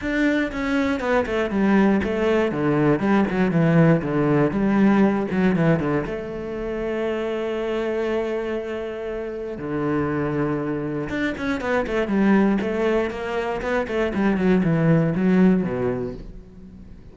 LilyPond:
\new Staff \with { instrumentName = "cello" } { \time 4/4 \tempo 4 = 119 d'4 cis'4 b8 a8 g4 | a4 d4 g8 fis8 e4 | d4 g4. fis8 e8 d8 | a1~ |
a2. d4~ | d2 d'8 cis'8 b8 a8 | g4 a4 ais4 b8 a8 | g8 fis8 e4 fis4 b,4 | }